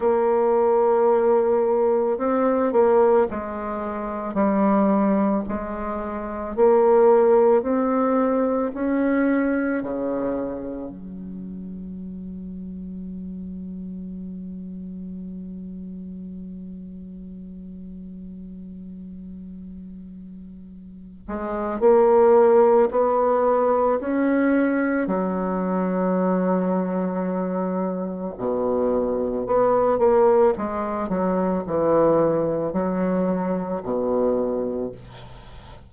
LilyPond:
\new Staff \with { instrumentName = "bassoon" } { \time 4/4 \tempo 4 = 55 ais2 c'8 ais8 gis4 | g4 gis4 ais4 c'4 | cis'4 cis4 fis2~ | fis1~ |
fis2.~ fis8 gis8 | ais4 b4 cis'4 fis4~ | fis2 b,4 b8 ais8 | gis8 fis8 e4 fis4 b,4 | }